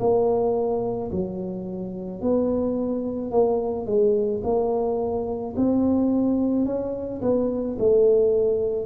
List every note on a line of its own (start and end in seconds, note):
0.00 1.11 A#3
1.12 2.21 F#3
2.21 3.32 B3
3.32 3.86 A#3
3.86 4.42 G#3
4.44 5.55 A#3
5.57 6.66 C4
6.66 7.21 C#4
7.22 7.77 B3
7.79 8.86 A3